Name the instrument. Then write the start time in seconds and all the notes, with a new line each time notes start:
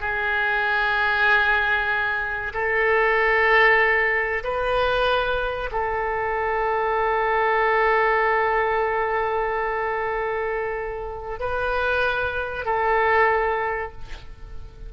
oboe
0.00 G#4
2.53 A4
4.44 B4
5.72 A4
11.40 B4
12.65 A4